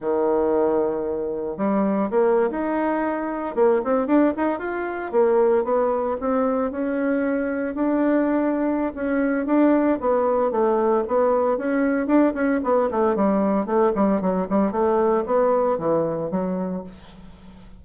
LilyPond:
\new Staff \with { instrumentName = "bassoon" } { \time 4/4 \tempo 4 = 114 dis2. g4 | ais8. dis'2 ais8 c'8 d'16~ | d'16 dis'8 f'4 ais4 b4 c'16~ | c'8. cis'2 d'4~ d'16~ |
d'4 cis'4 d'4 b4 | a4 b4 cis'4 d'8 cis'8 | b8 a8 g4 a8 g8 fis8 g8 | a4 b4 e4 fis4 | }